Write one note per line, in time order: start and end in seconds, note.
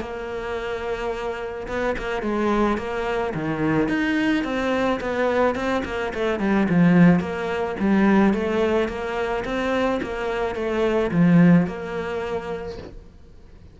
0.00 1.67 A#3
1.67 1.95 B3
1.98 2.21 A#3
2.21 2.77 G#3
2.77 3.33 A#3
3.34 3.88 D#3
3.88 4.44 D#4
4.44 4.99 C4
5.00 5.55 B3
5.55 5.83 C4
5.85 6.12 A#3
6.13 6.39 A3
6.39 6.67 G3
6.69 7.20 F3
7.20 7.75 A#3
7.79 8.33 G3
8.33 8.88 A3
8.88 9.44 A#3
9.44 10.00 C4
10.02 10.55 A#3
10.55 11.11 A3
11.11 11.66 F3
11.67 12.78 A#3